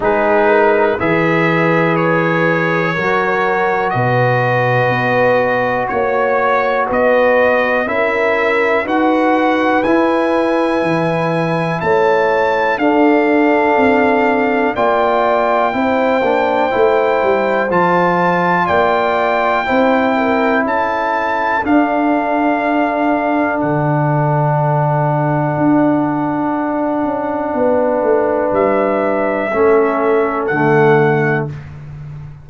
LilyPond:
<<
  \new Staff \with { instrumentName = "trumpet" } { \time 4/4 \tempo 4 = 61 b'4 e''4 cis''2 | dis''2 cis''4 dis''4 | e''4 fis''4 gis''2 | a''4 f''2 g''4~ |
g''2 a''4 g''4~ | g''4 a''4 f''2 | fis''1~ | fis''4 e''2 fis''4 | }
  \new Staff \with { instrumentName = "horn" } { \time 4/4 gis'8 ais'8 b'2 ais'4 | b'2 cis''4 b'4 | ais'4 b'2. | cis''4 a'2 d''4 |
c''2. d''4 | c''8 ais'8 a'2.~ | a'1 | b'2 a'2 | }
  \new Staff \with { instrumentName = "trombone" } { \time 4/4 dis'4 gis'2 fis'4~ | fis'1 | e'4 fis'4 e'2~ | e'4 d'2 f'4 |
e'8 d'8 e'4 f'2 | e'2 d'2~ | d'1~ | d'2 cis'4 a4 | }
  \new Staff \with { instrumentName = "tuba" } { \time 4/4 gis4 e2 fis4 | b,4 b4 ais4 b4 | cis'4 dis'4 e'4 e4 | a4 d'4 c'4 ais4 |
c'8 ais8 a8 g8 f4 ais4 | c'4 cis'4 d'2 | d2 d'4. cis'8 | b8 a8 g4 a4 d4 | }
>>